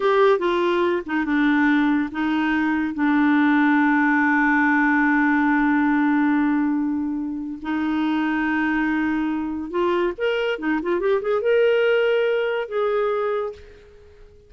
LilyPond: \new Staff \with { instrumentName = "clarinet" } { \time 4/4 \tempo 4 = 142 g'4 f'4. dis'8 d'4~ | d'4 dis'2 d'4~ | d'1~ | d'1~ |
d'2 dis'2~ | dis'2. f'4 | ais'4 dis'8 f'8 g'8 gis'8 ais'4~ | ais'2 gis'2 | }